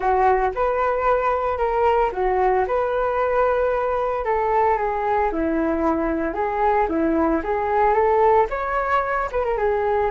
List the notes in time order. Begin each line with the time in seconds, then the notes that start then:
0.00 F#4
0.54 B4
1.57 A#4
2.12 F#4
2.67 B4
4.25 A4
4.77 G#4
5.31 E4
6.34 G#4
6.88 E4
7.43 G#4
7.93 A4
8.50 C#5
9.31 B4
9.44 A#4
9.57 G#4